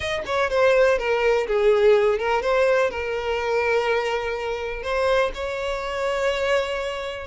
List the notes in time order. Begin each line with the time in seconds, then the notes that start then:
0.00 D#5
0.26 C#5
0.50 C5
0.98 A#4
1.47 G#4
2.18 A#4
2.41 C5
2.90 A#4
4.83 C5
5.34 C#5